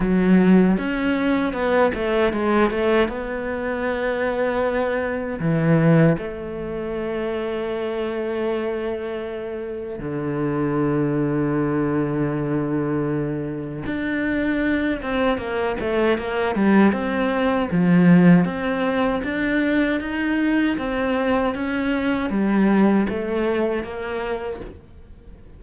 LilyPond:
\new Staff \with { instrumentName = "cello" } { \time 4/4 \tempo 4 = 78 fis4 cis'4 b8 a8 gis8 a8 | b2. e4 | a1~ | a4 d2.~ |
d2 d'4. c'8 | ais8 a8 ais8 g8 c'4 f4 | c'4 d'4 dis'4 c'4 | cis'4 g4 a4 ais4 | }